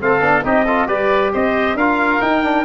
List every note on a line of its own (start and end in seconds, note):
0.00 0.21 A3
0.00 0.20 C4
0.00 0.45 A4
0.00 0.46 F5
0.20 0.43 B3
0.20 0.43 D4
0.43 0.87 C4
0.43 0.65 D#4
0.43 0.65 G4
0.43 0.88 D#5
0.65 0.87 F4
0.65 0.88 A4
0.87 1.32 G3
0.87 1.76 G4
0.87 1.32 B4
0.87 1.33 D5
1.33 1.75 C4
1.33 1.77 C5
1.33 1.77 D#5
1.75 2.19 D4
1.75 2.21 F4
1.75 2.65 A#4
1.75 2.21 F5
2.21 2.43 D#4
2.21 2.65 D#4
2.21 2.65 G5
2.43 2.65 D4